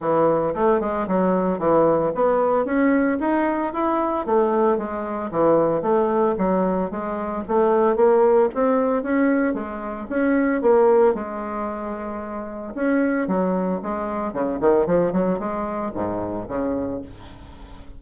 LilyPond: \new Staff \with { instrumentName = "bassoon" } { \time 4/4 \tempo 4 = 113 e4 a8 gis8 fis4 e4 | b4 cis'4 dis'4 e'4 | a4 gis4 e4 a4 | fis4 gis4 a4 ais4 |
c'4 cis'4 gis4 cis'4 | ais4 gis2. | cis'4 fis4 gis4 cis8 dis8 | f8 fis8 gis4 gis,4 cis4 | }